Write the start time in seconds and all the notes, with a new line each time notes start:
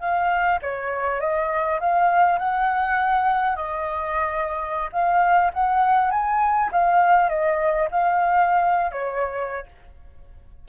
0.00 F5
0.62 C#5
1.21 D#5
1.80 F5
2.39 F#5
3.56 D#5
4.93 F5
5.54 F#5
6.11 G#5
6.72 F5
7.30 D#5
7.91 F5
8.92 C#5